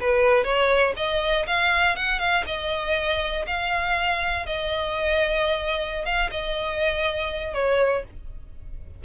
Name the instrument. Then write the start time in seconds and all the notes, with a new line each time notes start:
violin
0.00 B4
0.44 C#5
0.96 D#5
1.47 F5
1.96 F#5
2.19 F5
2.46 D#5
3.47 F5
4.46 D#5
6.05 F5
6.31 D#5
7.54 C#5